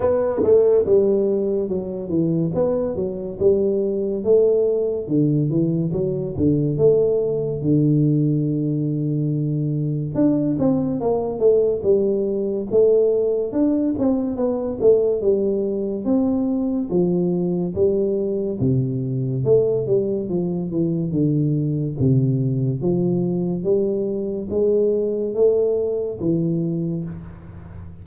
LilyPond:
\new Staff \with { instrumentName = "tuba" } { \time 4/4 \tempo 4 = 71 b8 a8 g4 fis8 e8 b8 fis8 | g4 a4 d8 e8 fis8 d8 | a4 d2. | d'8 c'8 ais8 a8 g4 a4 |
d'8 c'8 b8 a8 g4 c'4 | f4 g4 c4 a8 g8 | f8 e8 d4 c4 f4 | g4 gis4 a4 e4 | }